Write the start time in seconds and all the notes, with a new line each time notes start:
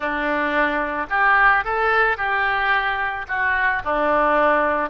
0.00 D4
1.09 G4
1.64 A4
2.17 G4
3.28 F#4
3.84 D4